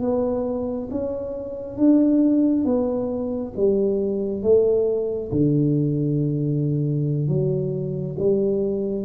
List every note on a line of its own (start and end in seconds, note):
0.00 0.88 B3
0.90 1.77 C#4
1.77 2.64 D4
2.64 3.53 B3
3.56 4.42 G3
4.42 5.30 A3
5.31 7.28 D3
7.28 8.16 F#3
8.19 9.05 G3